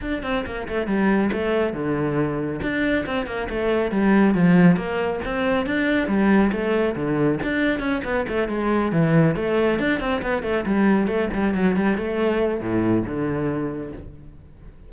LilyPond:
\new Staff \with { instrumentName = "cello" } { \time 4/4 \tempo 4 = 138 d'8 c'8 ais8 a8 g4 a4 | d2 d'4 c'8 ais8 | a4 g4 f4 ais4 | c'4 d'4 g4 a4 |
d4 d'4 cis'8 b8 a8 gis8~ | gis8 e4 a4 d'8 c'8 b8 | a8 g4 a8 g8 fis8 g8 a8~ | a4 a,4 d2 | }